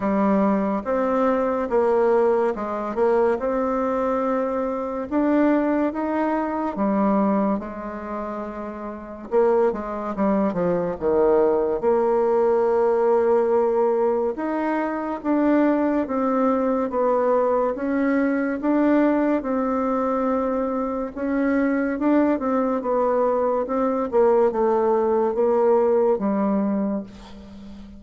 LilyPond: \new Staff \with { instrumentName = "bassoon" } { \time 4/4 \tempo 4 = 71 g4 c'4 ais4 gis8 ais8 | c'2 d'4 dis'4 | g4 gis2 ais8 gis8 | g8 f8 dis4 ais2~ |
ais4 dis'4 d'4 c'4 | b4 cis'4 d'4 c'4~ | c'4 cis'4 d'8 c'8 b4 | c'8 ais8 a4 ais4 g4 | }